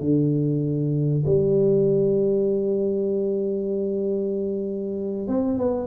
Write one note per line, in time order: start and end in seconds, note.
0.00 1.24 D3
1.25 5.27 G3
5.27 5.58 C4
5.58 5.86 B3